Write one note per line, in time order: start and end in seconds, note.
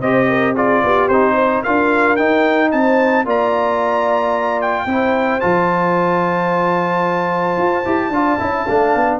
0.00 0.83 C4
0.00 0.56 G4
0.00 0.27 C5
0.00 0.55 D#5
0.29 0.55 A#4
0.55 1.10 F4
0.55 0.82 G#4
0.55 1.09 D5
0.83 1.09 B3
0.83 1.35 G4
1.09 1.63 C4
1.09 1.65 D#4
1.09 1.63 C5
1.35 1.62 C5
1.62 2.19 D4
1.62 2.18 F4
1.62 2.71 A#4
1.62 2.16 F5
2.16 3.26 D#4
2.16 2.73 D#4
2.16 2.70 G5
2.71 3.25 C4
2.71 3.26 C5
2.71 3.25 A5
3.25 4.86 A#3
3.25 4.88 F4
3.25 4.86 D5
3.25 4.61 A#5
4.61 5.40 G5
4.86 5.40 C4
4.86 5.41 E4
4.86 8.10 C5
5.40 7.58 F3
5.40 7.85 F4
5.40 9.19 A5
7.58 7.85 F4
7.85 8.10 E4
7.85 8.12 G4
8.10 8.37 D4
8.10 8.39 F4
8.10 8.42 D5
8.39 8.68 C#4
8.39 8.66 E4
8.39 8.67 E5
8.67 8.95 A3
8.67 9.20 D4
8.67 9.20 F5
8.95 9.20 B3